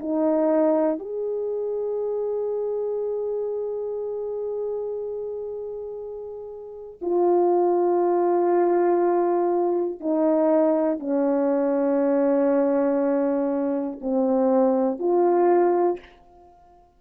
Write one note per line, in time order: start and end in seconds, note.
0.00 1.00 D#4
1.00 7.00 G#4
7.01 10.00 F4
10.00 11.00 D#4
11.00 14.00 C#4
14.01 15.00 C4
15.00 16.00 F4